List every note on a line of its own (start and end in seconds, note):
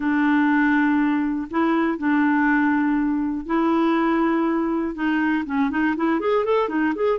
0.00 1.48 D4
1.50 1.98 E4
1.98 3.46 D4
3.46 4.94 E4
4.94 5.44 D#4
5.45 5.70 C#4
5.70 5.95 D#4
5.96 6.20 E4
6.20 6.44 G#4
6.44 6.68 A4
6.68 6.93 D#4
6.95 7.18 G#4